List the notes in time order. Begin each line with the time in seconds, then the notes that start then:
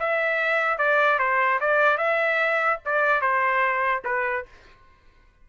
0.00 E5
0.78 D5
1.19 C5
1.60 D5
1.98 E5
2.86 D5
3.21 C5
4.05 B4